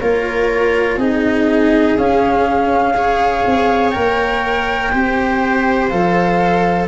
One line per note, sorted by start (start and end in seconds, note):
0.00 0.97 A#3
0.00 1.00 F4
0.00 0.98 A#4
0.00 0.98 C#5
0.97 1.96 C4
0.97 1.98 D#4
0.97 2.94 G#4
0.97 1.97 D#5
1.97 3.45 C#4
1.97 2.95 C#4
1.97 3.91 F5
2.95 3.93 G#4
2.95 4.92 C#5
3.47 3.96 C4
3.91 4.94 A#3
3.91 4.91 A#4
3.91 5.87 G5
4.92 5.92 C4
4.92 5.91 G4
4.92 6.88 C5
5.89 6.88 F3
5.89 6.88 A4
5.89 6.88 F5